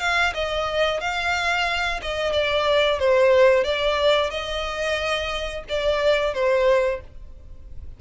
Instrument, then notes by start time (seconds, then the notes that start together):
violin
0.00 F5
0.34 D#5
1.01 F5
2.02 D#5
2.33 D5
3.00 C5
3.65 D5
4.31 D#5
5.69 D5
6.34 C5